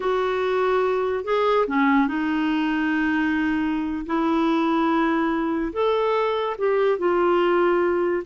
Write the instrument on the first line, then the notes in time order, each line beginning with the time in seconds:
clarinet
0.00 F#4
1.24 G#4
1.67 C#4
2.07 D#4
4.05 E4
5.73 A4
6.58 G4
6.98 F4